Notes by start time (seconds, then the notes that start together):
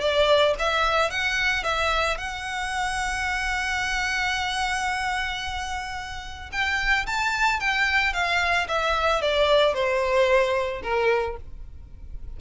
0.00 D5
0.59 E5
1.10 F#5
1.63 E5
2.17 F#5
6.52 G5
7.06 A5
7.60 G5
8.13 F5
8.68 E5
9.21 D5
9.74 C5
10.83 A#4